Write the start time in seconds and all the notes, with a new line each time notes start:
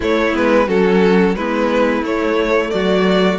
0.00 A3 E4 C#5
0.32 G#3 B3 B4
0.67 F#3 C#4 F#4 A4
1.35 G#3 B3 E4 B4
2.02 A3 C#5
2.70 F#3 F#4 D5